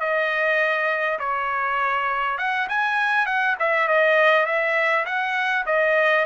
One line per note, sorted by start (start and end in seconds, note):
0.00 1.19 D#5
1.19 2.38 C#5
2.38 2.68 F#5
2.69 3.26 G#5
3.26 3.56 F#5
3.59 3.88 E5
3.88 4.46 D#5
4.46 5.05 E5
5.06 5.65 F#5
5.66 6.25 D#5